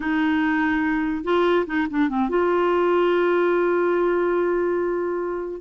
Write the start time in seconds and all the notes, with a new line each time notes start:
0.00 D#4
1.24 F4
1.66 D#4
1.90 D4
2.09 C4
2.29 F4